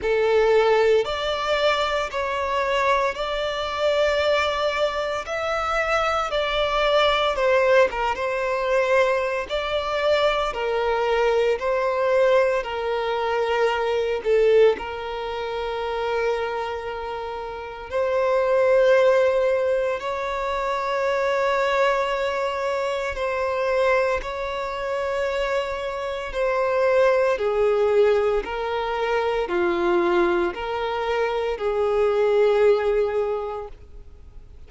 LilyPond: \new Staff \with { instrumentName = "violin" } { \time 4/4 \tempo 4 = 57 a'4 d''4 cis''4 d''4~ | d''4 e''4 d''4 c''8 ais'16 c''16~ | c''4 d''4 ais'4 c''4 | ais'4. a'8 ais'2~ |
ais'4 c''2 cis''4~ | cis''2 c''4 cis''4~ | cis''4 c''4 gis'4 ais'4 | f'4 ais'4 gis'2 | }